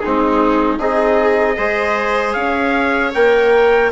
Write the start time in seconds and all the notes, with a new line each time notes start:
0.00 C4 D#4 G#4
0.07 G#3
0.79 C4 D#4 G#4 D#5
1.57 G#3 G#4 C5
2.33 C#4 C#5 F5
3.15 A#3 A#4 G5